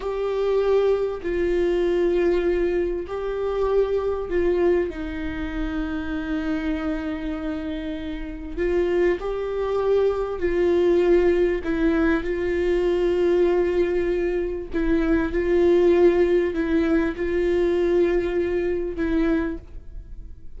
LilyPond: \new Staff \with { instrumentName = "viola" } { \time 4/4 \tempo 4 = 98 g'2 f'2~ | f'4 g'2 f'4 | dis'1~ | dis'2 f'4 g'4~ |
g'4 f'2 e'4 | f'1 | e'4 f'2 e'4 | f'2. e'4 | }